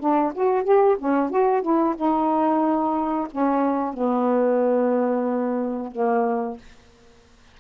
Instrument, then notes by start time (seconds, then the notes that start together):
saxophone
0.00 D4
0.35 F#4
0.64 G4
0.99 C#4
1.31 F#4
1.62 E4
1.96 D#4
3.32 C#4
3.94 B3
5.92 A#3